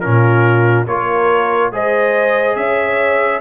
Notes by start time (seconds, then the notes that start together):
0.00 A#2 C#4 F4 A#4
0.87 A#3 F4 A#4 C#5
1.71 G#3 G#4 C5 D#5
2.56 C#4 C#5 E5